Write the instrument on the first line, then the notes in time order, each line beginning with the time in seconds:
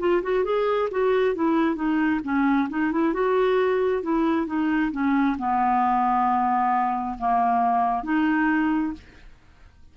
clarinet
0.00 F4
0.23 F#4
0.45 G#4
0.92 F#4
1.35 E4
1.76 D#4
2.24 C#4
2.70 D#4
2.92 E4
3.14 F#4
4.03 E4
4.47 D#4
4.93 C#4
5.39 B3
7.18 A#3
8.04 D#4